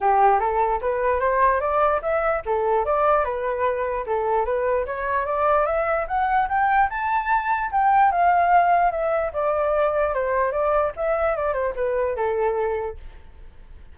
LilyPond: \new Staff \with { instrumentName = "flute" } { \time 4/4 \tempo 4 = 148 g'4 a'4 b'4 c''4 | d''4 e''4 a'4 d''4 | b'2 a'4 b'4 | cis''4 d''4 e''4 fis''4 |
g''4 a''2 g''4 | f''2 e''4 d''4~ | d''4 c''4 d''4 e''4 | d''8 c''8 b'4 a'2 | }